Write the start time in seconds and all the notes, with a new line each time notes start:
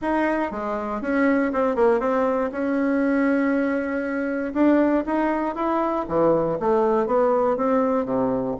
0.01 D#4
0.51 G#3
1.01 C#4
1.52 C4
1.75 A#3
2.00 C4
2.51 C#4
4.53 D4
5.06 D#4
5.55 E4
6.08 E3
6.59 A3
7.06 B3
7.57 C4
8.05 C3